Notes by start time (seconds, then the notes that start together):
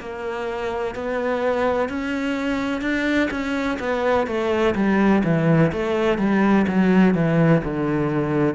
0.00 A#3
0.95 B3
1.90 C#4
2.82 D4
3.31 C#4
3.80 B3
4.27 A3
4.75 G3
5.24 E3
5.73 A3
6.19 G3
6.68 F#3
7.15 E3
7.64 D3